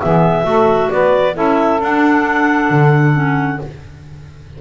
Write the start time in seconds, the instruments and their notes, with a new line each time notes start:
0.00 double bass E3, clarinet B3 E5, saxophone G#4
0.43 double bass A3, clarinet F#4, saxophone A4
0.91 double bass B3, saxophone B4, clarinet D5
1.35 double bass C#4, clarinet E4 E5, saxophone A4
1.80 double bass D4, clarinet D4 F#5
2.70 double bass D3
3.14 clarinet C#4